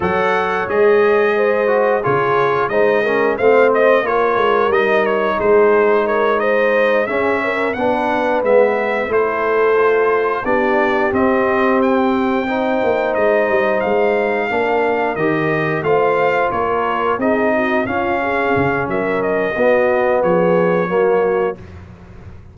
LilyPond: <<
  \new Staff \with { instrumentName = "trumpet" } { \time 4/4 \tempo 4 = 89 fis''4 dis''2 cis''4 | dis''4 f''8 dis''8 cis''4 dis''8 cis''8 | c''4 cis''8 dis''4 e''4 fis''8~ | fis''8 e''4 c''2 d''8~ |
d''8 dis''4 g''2 dis''8~ | dis''8 f''2 dis''4 f''8~ | f''8 cis''4 dis''4 f''4. | e''8 dis''4. cis''2 | }
  \new Staff \with { instrumentName = "horn" } { \time 4/4 cis''2 c''4 gis'4 | c''8 ais'8 c''4 ais'2 | gis'4 ais'8 c''4 gis'8 ais'8 b'8~ | b'4. a'2 g'8~ |
g'2~ g'8 c''4.~ | c''4. ais'2 c''8~ | c''8 ais'4 gis'8 fis'8 f'8 gis'4 | ais'4 fis'4 gis'4 fis'4 | }
  \new Staff \with { instrumentName = "trombone" } { \time 4/4 a'4 gis'4. fis'8 f'4 | dis'8 cis'8 c'4 f'4 dis'4~ | dis'2~ dis'8 cis'4 d'8~ | d'8 b4 e'4 f'4 d'8~ |
d'8 c'2 dis'4.~ | dis'4. d'4 g'4 f'8~ | f'4. dis'4 cis'4.~ | cis'4 b2 ais4 | }
  \new Staff \with { instrumentName = "tuba" } { \time 4/4 fis4 gis2 cis4 | gis4 a4 ais8 gis8 g4 | gis2~ gis8 cis'4 b8~ | b8 gis4 a2 b8~ |
b8 c'2~ c'8 ais8 gis8 | g8 gis4 ais4 dis4 a8~ | a8 ais4 c'4 cis'4 cis8 | fis4 b4 f4 fis4 | }
>>